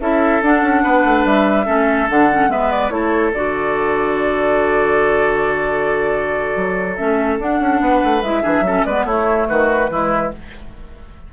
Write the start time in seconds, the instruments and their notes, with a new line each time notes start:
0.00 bassoon C#4, clarinet E4, oboe A4, flute E5
0.42 bassoon D4, clarinet D4, flute F#5
0.62 bassoon C#4
0.83 bassoon B3, oboe B4
1.05 bassoon A3
1.25 bassoon G3, flute E5
1.66 bassoon A3, clarinet C#4, oboe A4
2.09 bassoon D3, clarinet D4, flute F#5
2.31 clarinet C#4
2.48 bassoon G#3, clarinet B3, oboe B4, flute E5
2.71 flute D5
2.90 bassoon A3, clarinet E4, flute C#5
2.96 oboe A4
3.33 bassoon D3, clarinet F#4, flute D5
6.56 bassoon F#3
6.96 bassoon A3, clarinet C#4, flute E5
7.39 bassoon D4, clarinet D4, flute F#5
7.60 bassoon C#4
7.81 bassoon B3, oboe B4
8.04 bassoon A3
8.22 bassoon G#3, clarinet E4, flute E5
8.42 bassoon E3, clarinet D4, oboe G#4
8.61 bassoon F#3, clarinet C#4, oboe A4
8.84 bassoon G#3, clarinet B3, oboe B4, flute D5
9.05 bassoon A3, clarinet A3, oboe E4, flute C#5
9.48 bassoon D#3, oboe F#4, flute B4
9.90 bassoon E3, clarinet G#3, oboe E4